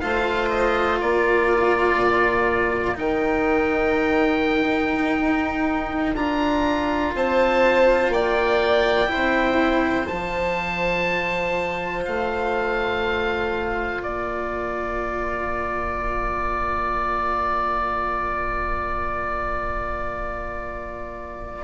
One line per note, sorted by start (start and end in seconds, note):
0.00 1.01 A3
0.00 2.95 F4
0.00 1.00 C5
0.00 0.49 F5
0.50 0.99 D#5
1.00 1.95 A#3
1.00 7.15 A#4
1.00 2.98 D5
1.95 2.94 A#2
2.95 5.19 D#3
2.95 6.15 D#4
2.95 6.16 G5
5.20 6.15 D#4
6.15 7.13 D4
6.15 9.07 F4
6.15 7.14 A#5
7.15 8.09 C4
7.15 8.13 C5
7.15 8.12 A5
8.09 9.08 A#3
8.09 9.11 D5
8.09 10.07 G5
9.07 10.05 E4
9.07 14.03 C5
9.15 10.11 C4
10.07 12.07 F3
10.07 21.64 F4
10.07 12.04 A5
12.05 14.02 A3
12.05 14.02 F5
14.02 21.64 A#3
14.02 21.64 A#4
14.02 21.64 D5